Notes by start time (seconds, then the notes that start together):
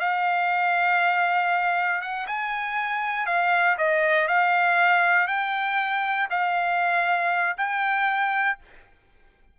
0.00 F5
2.02 F#5
2.27 G#5
3.27 F5
3.78 D#5
4.28 F5
5.28 G5
6.31 F5
7.58 G5